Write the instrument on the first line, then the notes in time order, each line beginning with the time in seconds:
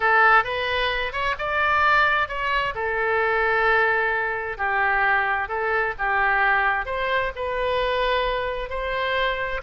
oboe
0.00 A4
0.44 B4
1.12 C#5
1.38 D5
2.28 C#5
2.75 A4
4.57 G4
5.48 A4
5.98 G4
6.85 C5
7.35 B4
8.69 C5